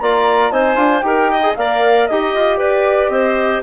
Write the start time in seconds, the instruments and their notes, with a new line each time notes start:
0.00 bassoon A#3, trombone F4, clarinet D5, flute A#5
0.52 bassoon C4, trombone D#4, clarinet C5, flute G#5
0.76 bassoon D4, trombone F4
1.01 bassoon D#4, trombone G4, clarinet A#4, flute G5
1.31 clarinet D#5
1.42 trombone G#4
1.55 bassoon A#3, trombone A#4, clarinet D5, flute F5
2.07 bassoon D#4, trombone G4, flute D#5, clarinet D#5
2.35 bassoon F4
2.58 bassoon G4, clarinet B4, flute D5
3.09 bassoon C4, clarinet C5, flute D#5